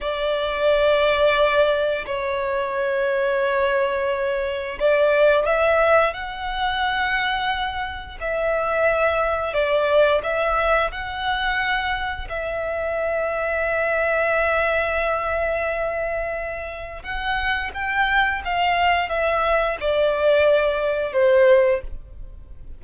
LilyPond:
\new Staff \with { instrumentName = "violin" } { \time 4/4 \tempo 4 = 88 d''2. cis''4~ | cis''2. d''4 | e''4 fis''2. | e''2 d''4 e''4 |
fis''2 e''2~ | e''1~ | e''4 fis''4 g''4 f''4 | e''4 d''2 c''4 | }